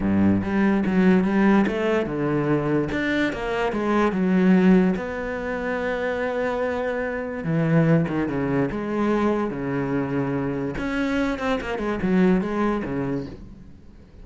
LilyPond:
\new Staff \with { instrumentName = "cello" } { \time 4/4 \tempo 4 = 145 g,4 g4 fis4 g4 | a4 d2 d'4 | ais4 gis4 fis2 | b1~ |
b2 e4. dis8 | cis4 gis2 cis4~ | cis2 cis'4. c'8 | ais8 gis8 fis4 gis4 cis4 | }